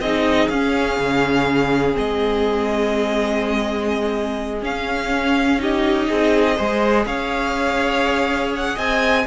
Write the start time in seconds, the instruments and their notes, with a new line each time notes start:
0.00 cello C4, viola D#4, violin G#4 D#5
0.49 cello C#4, viola C#4, violin F5
0.99 cello C#3
1.93 cello G#3, viola C4, violin D#5
4.63 cello C#4, viola C#4, violin F5
5.59 viola D#4, violin G4 D#5
6.09 cello C4, violin G#4
6.57 cello G#3, viola G#4, violin C5
7.05 cello C#4, violin C#5 F5
8.56 violin F#5
8.76 cello C4, violin D#5 G#5